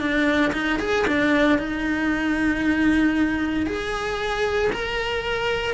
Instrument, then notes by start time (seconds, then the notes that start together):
cello
0.00 D4
0.53 D#4
0.79 G#4
1.07 D4
1.58 D#4
3.67 G#4
4.73 A#4